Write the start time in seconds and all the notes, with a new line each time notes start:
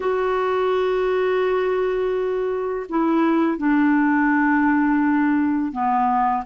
0.00 F#4
2.89 E4
3.57 D4
5.72 B3